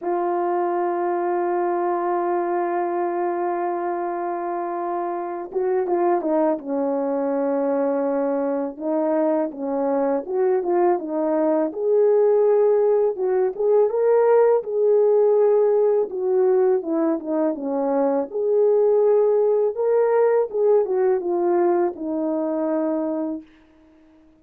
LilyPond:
\new Staff \with { instrumentName = "horn" } { \time 4/4 \tempo 4 = 82 f'1~ | f'2.~ f'8 fis'8 | f'8 dis'8 cis'2. | dis'4 cis'4 fis'8 f'8 dis'4 |
gis'2 fis'8 gis'8 ais'4 | gis'2 fis'4 e'8 dis'8 | cis'4 gis'2 ais'4 | gis'8 fis'8 f'4 dis'2 | }